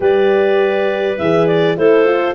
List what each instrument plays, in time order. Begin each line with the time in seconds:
0.00 tuba G3, horn G4, clarinet B4 D5
1.18 tuba E3, horn G#4, clarinet E5
1.47 clarinet D5
1.76 tuba A3, horn E4, clarinet A4 C5
2.05 horn F4